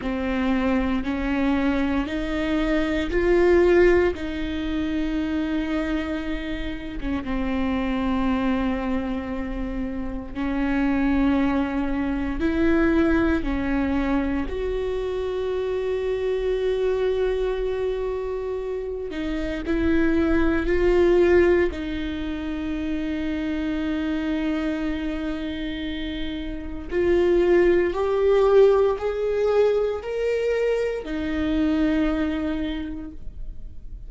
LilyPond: \new Staff \with { instrumentName = "viola" } { \time 4/4 \tempo 4 = 58 c'4 cis'4 dis'4 f'4 | dis'2~ dis'8. cis'16 c'4~ | c'2 cis'2 | e'4 cis'4 fis'2~ |
fis'2~ fis'8 dis'8 e'4 | f'4 dis'2.~ | dis'2 f'4 g'4 | gis'4 ais'4 dis'2 | }